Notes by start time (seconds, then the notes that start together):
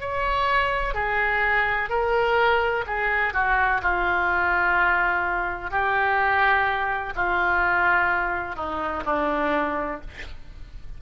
0.00 C#5
0.94 G#4
1.89 A#4
2.87 G#4
3.33 F#4
3.82 F4
5.70 G4
7.15 F4
8.55 D#4
9.06 D4